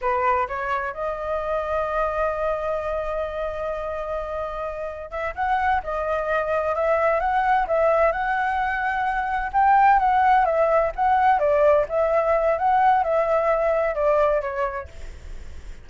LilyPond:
\new Staff \with { instrumentName = "flute" } { \time 4/4 \tempo 4 = 129 b'4 cis''4 dis''2~ | dis''1~ | dis''2. e''8 fis''8~ | fis''8 dis''2 e''4 fis''8~ |
fis''8 e''4 fis''2~ fis''8~ | fis''8 g''4 fis''4 e''4 fis''8~ | fis''8 d''4 e''4. fis''4 | e''2 d''4 cis''4 | }